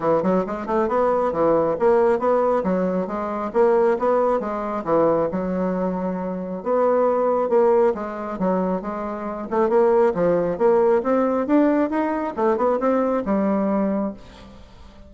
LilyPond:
\new Staff \with { instrumentName = "bassoon" } { \time 4/4 \tempo 4 = 136 e8 fis8 gis8 a8 b4 e4 | ais4 b4 fis4 gis4 | ais4 b4 gis4 e4 | fis2. b4~ |
b4 ais4 gis4 fis4 | gis4. a8 ais4 f4 | ais4 c'4 d'4 dis'4 | a8 b8 c'4 g2 | }